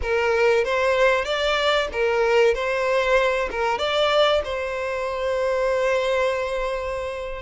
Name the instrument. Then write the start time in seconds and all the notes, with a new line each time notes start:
violin
0.01 A#4
0.64 C5
1.24 D5
1.92 A#4
2.54 C5
3.50 A#4
3.78 D5
4.44 C5